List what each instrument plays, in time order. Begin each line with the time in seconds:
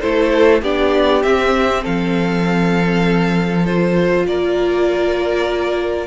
0.00 cello A3, viola E4, violin A4 C5
0.62 cello B3, viola D4, violin G4 D5
1.22 cello C4, viola C4, violin E5
1.82 cello F3, violin A4 F5
3.66 viola F4, violin C5
4.27 cello A#3, violin A#4 D5